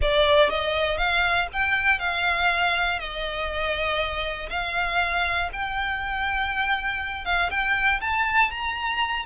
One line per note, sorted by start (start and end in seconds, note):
0.01 0.49 D5
0.49 0.97 D#5
0.97 1.47 F5
1.52 1.99 G5
1.99 2.99 F5
2.99 4.49 D#5
4.49 5.49 F5
5.52 7.25 G5
7.25 7.50 F5
7.50 8.00 G5
8.00 8.50 A5
8.50 9.25 A#5